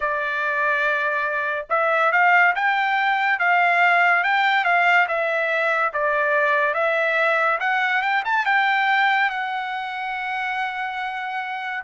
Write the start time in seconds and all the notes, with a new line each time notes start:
0.00 D5
1.69 E5
2.12 F5
2.55 G5
3.39 F5
4.23 G5
4.64 F5
5.07 E5
5.93 D5
6.74 E5
7.60 F#5
8.02 G5
8.24 A5
8.45 G5
9.30 F#5